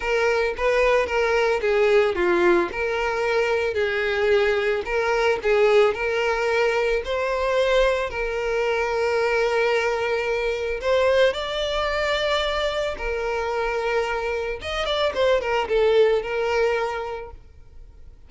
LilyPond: \new Staff \with { instrumentName = "violin" } { \time 4/4 \tempo 4 = 111 ais'4 b'4 ais'4 gis'4 | f'4 ais'2 gis'4~ | gis'4 ais'4 gis'4 ais'4~ | ais'4 c''2 ais'4~ |
ais'1 | c''4 d''2. | ais'2. dis''8 d''8 | c''8 ais'8 a'4 ais'2 | }